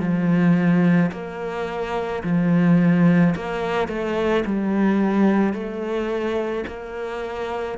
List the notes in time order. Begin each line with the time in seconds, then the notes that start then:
0.00 F3
1.12 A#3
2.23 F3
3.35 A#3
3.88 A3
4.45 G3
5.53 A3
6.67 A#3